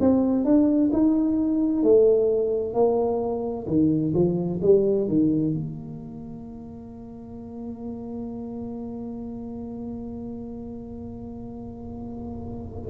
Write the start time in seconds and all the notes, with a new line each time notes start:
0.00 C4
0.44 D4
0.92 D#4
1.83 A3
2.74 A#3
3.67 D#3
4.14 F3
4.62 G3
5.08 D#3
5.54 A#3